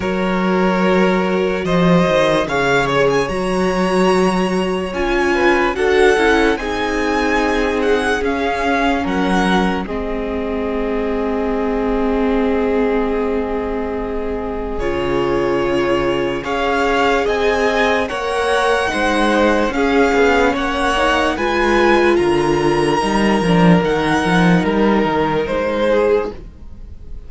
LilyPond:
<<
  \new Staff \with { instrumentName = "violin" } { \time 4/4 \tempo 4 = 73 cis''2 dis''4 f''8 cis''16 gis''16 | ais''2 gis''4 fis''4 | gis''4. fis''8 f''4 fis''4 | dis''1~ |
dis''2 cis''2 | f''4 gis''4 fis''2 | f''4 fis''4 gis''4 ais''4~ | ais''4 fis''4 ais'4 c''4 | }
  \new Staff \with { instrumentName = "violin" } { \time 4/4 ais'2 c''4 cis''4~ | cis''2~ cis''8 b'8 a'4 | gis'2. ais'4 | gis'1~ |
gis'1 | cis''4 dis''4 cis''4 c''4 | gis'4 cis''4 b'4 ais'4~ | ais'2.~ ais'8 gis'8 | }
  \new Staff \with { instrumentName = "viola" } { \time 4/4 fis'2. gis'4 | fis'2 f'4 fis'8 e'8 | dis'2 cis'2 | c'1~ |
c'2 f'2 | gis'2 ais'4 dis'4 | cis'4. dis'8 f'2 | dis'8 d'8 dis'2. | }
  \new Staff \with { instrumentName = "cello" } { \time 4/4 fis2 f8 dis8 cis4 | fis2 cis'4 d'8 cis'8 | c'2 cis'4 fis4 | gis1~ |
gis2 cis2 | cis'4 c'4 ais4 gis4 | cis'8 b8 ais4 gis4 d4 | g8 f8 dis8 f8 g8 dis8 gis4 | }
>>